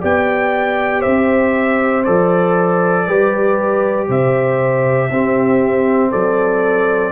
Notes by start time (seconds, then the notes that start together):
0.00 B3 G4 D5 G5
1.00 C4 C5 E5
2.04 F3 A4 D5
3.06 G3 G4 B4
4.08 C3 C5 E5
5.10 C4 G4
6.10 F#3 A4 D5